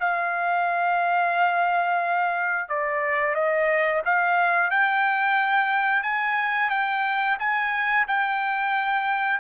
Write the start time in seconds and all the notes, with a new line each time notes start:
0.00 F5
2.69 D5
3.35 D#5
4.05 F5
4.70 G5
6.03 G#5
6.70 G5
7.39 G#5
8.08 G5